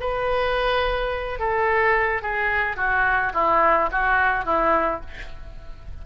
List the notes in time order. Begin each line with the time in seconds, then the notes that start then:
0.00 B4
1.39 A4
2.22 G#4
2.76 F#4
3.34 E4
3.92 F#4
4.45 E4